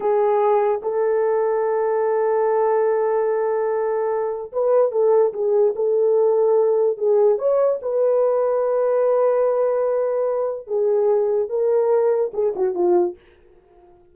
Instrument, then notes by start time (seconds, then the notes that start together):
horn
0.00 G#4
0.82 A4
4.52 B4
4.91 A4
5.33 G#4
5.75 A4
6.97 G#4
7.38 C#5
7.82 B4
10.67 G#4
11.49 A#4
12.33 G#4
12.55 F#4
12.74 F4